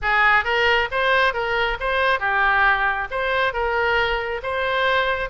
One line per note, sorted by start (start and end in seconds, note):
0.02 0.44 G#4
0.44 0.88 A#4
0.91 1.33 C5
1.33 1.77 A#4
1.79 2.19 C5
2.19 3.07 G4
3.11 3.53 C5
3.53 4.41 A#4
4.42 5.29 C5